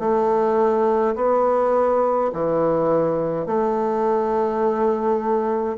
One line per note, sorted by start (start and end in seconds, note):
0.00 1.15 A3
1.16 2.31 B3
2.33 3.47 E3
3.47 5.77 A3